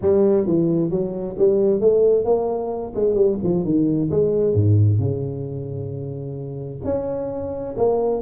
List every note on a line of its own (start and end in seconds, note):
0.01 0.46 G3
0.46 0.90 E3
0.90 1.36 F#3
1.38 1.80 G3
1.80 2.24 A3
2.24 2.93 A#3
2.95 3.14 G#3
3.14 3.37 G3
3.43 3.64 F3
3.64 4.10 D#3
4.10 4.54 G#3
4.54 4.99 G#2
4.99 6.81 C#3
6.84 7.75 C#4
7.77 8.22 A#3